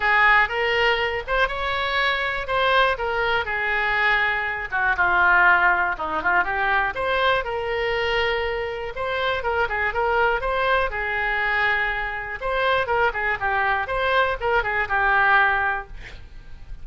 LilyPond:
\new Staff \with { instrumentName = "oboe" } { \time 4/4 \tempo 4 = 121 gis'4 ais'4. c''8 cis''4~ | cis''4 c''4 ais'4 gis'4~ | gis'4. fis'8 f'2 | dis'8 f'8 g'4 c''4 ais'4~ |
ais'2 c''4 ais'8 gis'8 | ais'4 c''4 gis'2~ | gis'4 c''4 ais'8 gis'8 g'4 | c''4 ais'8 gis'8 g'2 | }